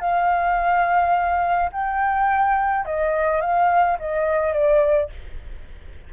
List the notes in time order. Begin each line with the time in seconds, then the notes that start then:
0.00 F5
1.72 G5
2.85 D#5
3.41 F5
3.99 D#5
4.53 D5